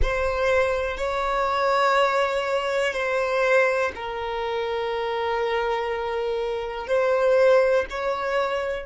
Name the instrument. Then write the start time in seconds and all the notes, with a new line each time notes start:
violin
0.02 C5
0.97 C#5
2.93 C5
3.95 A#4
6.87 C5
7.90 C#5